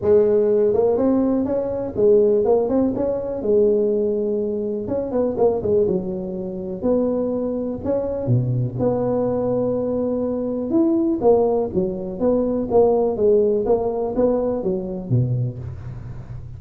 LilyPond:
\new Staff \with { instrumentName = "tuba" } { \time 4/4 \tempo 4 = 123 gis4. ais8 c'4 cis'4 | gis4 ais8 c'8 cis'4 gis4~ | gis2 cis'8 b8 ais8 gis8 | fis2 b2 |
cis'4 b,4 b2~ | b2 e'4 ais4 | fis4 b4 ais4 gis4 | ais4 b4 fis4 b,4 | }